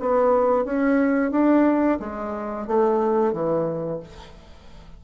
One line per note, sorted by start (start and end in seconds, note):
0.00 0.65 B3
0.65 1.31 C#4
1.31 1.99 D4
1.99 2.67 G#3
2.67 3.32 A3
3.32 4.00 E3